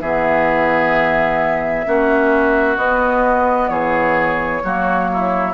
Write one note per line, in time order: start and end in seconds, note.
0.00 1.85 E3
0.00 1.86 B3
0.00 1.85 G#4
0.00 2.76 E5
1.86 2.77 A#3
1.86 2.77 C#4
1.86 3.70 F#4
2.76 3.69 B3
2.76 4.62 B3
2.76 3.68 D#5
3.68 4.61 E3
3.68 4.62 G#4
3.68 5.53 C#5
4.63 5.54 F#3
4.63 5.54 A#3
4.63 5.10 F#4
5.13 5.54 E4